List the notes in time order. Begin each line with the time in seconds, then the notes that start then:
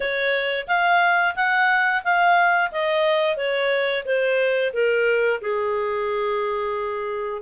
0.00 C#5
0.67 F5
1.35 F#5
2.03 F5
2.71 D#5
3.36 C#5
4.05 C5
4.73 A#4
5.41 G#4